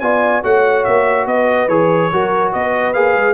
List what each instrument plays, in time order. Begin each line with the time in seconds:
0.00 tuba B3, trombone F4, horn D5, trumpet G#5
0.43 tuba A3, trombone F#4, horn C#5, trumpet F#5
0.85 tuba A#3, trumpet E5
1.26 tuba B3, horn B4, trumpet D#5
1.68 tuba E3, trombone G#4, trumpet C#5
2.11 tuba F#3, trombone F#4, horn A#4
2.52 tuba B3, horn B4, trumpet D#5
2.93 tuba A#3, trombone G#4, trumpet F5
3.15 tuba G#3